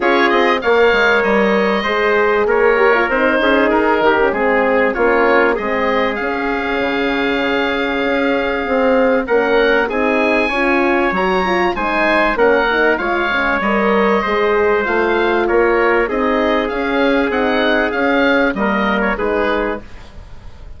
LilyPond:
<<
  \new Staff \with { instrumentName = "oboe" } { \time 4/4 \tempo 4 = 97 cis''8 dis''8 f''4 dis''2 | cis''4 c''4 ais'4 gis'4 | cis''4 dis''4 f''2~ | f''2. fis''4 |
gis''2 ais''4 gis''4 | fis''4 f''4 dis''2 | f''4 cis''4 dis''4 f''4 | fis''4 f''4 dis''8. cis''16 b'4 | }
  \new Staff \with { instrumentName = "trumpet" } { \time 4/4 gis'4 cis''2 c''4 | ais'4. gis'4 g'8 gis'4 | f'4 gis'2.~ | gis'2. ais'4 |
gis'4 cis''2 c''4 | ais'4 cis''2 c''4~ | c''4 ais'4 gis'2~ | gis'2 ais'4 gis'4 | }
  \new Staff \with { instrumentName = "horn" } { \time 4/4 f'4 ais'2 gis'4~ | gis'8 g'16 f'16 dis'4.~ dis'16 cis'16 c'4 | cis'4 c'4 cis'2~ | cis'2 c'4 cis'4 |
dis'4 f'4 fis'8 f'8 dis'4 | cis'8 dis'8 f'8 cis'8 ais'4 gis'4 | f'2 dis'4 cis'4 | dis'4 cis'4 ais4 dis'4 | }
  \new Staff \with { instrumentName = "bassoon" } { \time 4/4 cis'8 c'8 ais8 gis8 g4 gis4 | ais4 c'8 cis'8 dis'8 dis8 gis4 | ais4 gis4 cis'4 cis4~ | cis4 cis'4 c'4 ais4 |
c'4 cis'4 fis4 gis4 | ais4 gis4 g4 gis4 | a4 ais4 c'4 cis'4 | c'4 cis'4 g4 gis4 | }
>>